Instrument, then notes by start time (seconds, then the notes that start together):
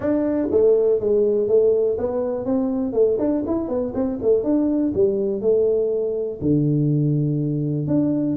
tuba
0.00 D4
0.51 A3
1.00 G#3
1.48 A3
1.97 B3
2.45 C4
2.92 A3
3.19 D4
3.46 E4
3.68 B3
3.94 C4
4.22 A3
4.43 D4
4.94 G3
5.41 A3
6.41 D3
7.87 D4